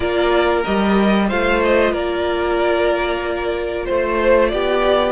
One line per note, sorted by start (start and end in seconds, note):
0.00 0.63 A#3
0.00 0.64 F4
0.00 1.26 A#4
0.00 0.62 D5
0.64 1.31 G3
0.64 1.29 G4
0.64 1.29 D#5
1.28 1.92 A3
1.28 5.12 F4
1.28 1.92 C5
1.28 1.61 F5
1.63 1.94 D#5
1.92 3.85 A#3
1.92 3.86 A#4
1.92 3.85 D5
3.85 4.52 A3
3.85 4.48 C5
3.85 4.51 C5
4.48 5.12 B3
4.48 5.12 G4
4.48 5.12 D5